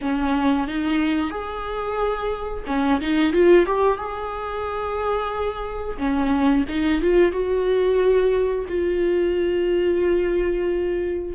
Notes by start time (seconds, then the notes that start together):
0.01 C#4
0.67 D#4
1.30 G#4
2.67 C#4
3.00 D#4
3.32 F4
3.65 G4
3.97 G#4
5.98 C#4
6.68 D#4
7.01 F4
7.32 F#4
8.68 F4